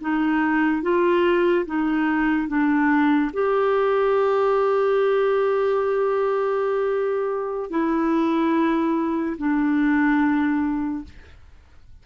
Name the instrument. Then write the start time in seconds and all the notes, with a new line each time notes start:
clarinet
0.00 D#4
0.82 F4
1.66 D#4
2.47 D4
3.33 G4
7.70 E4
9.37 D4